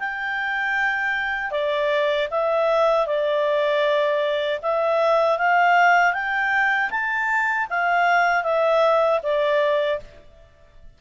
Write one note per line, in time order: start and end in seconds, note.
0.00 1.51 G5
1.51 2.28 D5
2.31 3.07 E5
3.07 4.61 D5
4.63 5.39 E5
5.39 6.14 F5
6.14 6.91 G5
6.91 7.68 A5
7.70 8.44 F5
8.44 9.21 E5
9.23 10.00 D5